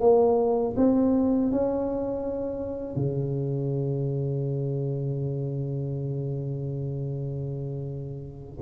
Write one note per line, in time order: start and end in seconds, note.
0.00 0.75 A#3
0.76 1.51 C4
1.51 2.96 C#4
2.96 8.58 C#3